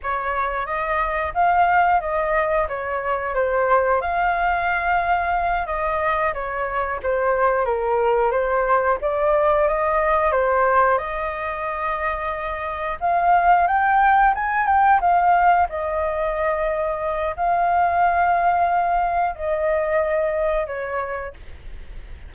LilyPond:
\new Staff \with { instrumentName = "flute" } { \time 4/4 \tempo 4 = 90 cis''4 dis''4 f''4 dis''4 | cis''4 c''4 f''2~ | f''8 dis''4 cis''4 c''4 ais'8~ | ais'8 c''4 d''4 dis''4 c''8~ |
c''8 dis''2. f''8~ | f''8 g''4 gis''8 g''8 f''4 dis''8~ | dis''2 f''2~ | f''4 dis''2 cis''4 | }